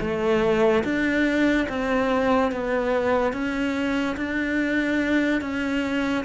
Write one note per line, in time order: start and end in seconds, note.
0.00 0.83 A3
0.84 1.67 D4
1.69 2.51 C4
2.51 3.33 B3
3.33 4.16 C#4
4.16 5.41 D4
5.41 6.24 C#4